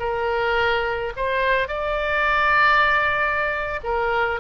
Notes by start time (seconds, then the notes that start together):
0.00 A#4
1.17 C5
1.69 D5
3.84 A#4